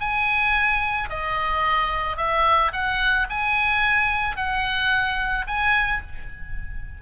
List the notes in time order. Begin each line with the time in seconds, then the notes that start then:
0.00 G#5
1.09 D#5
2.17 E5
2.72 F#5
3.30 G#5
4.36 F#5
5.47 G#5